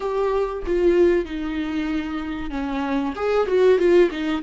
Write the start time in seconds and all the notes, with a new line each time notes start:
0.00 G4
0.66 F4
1.25 D#4
2.50 C#4
3.15 G#4
3.47 F#4
3.78 F4
4.11 D#4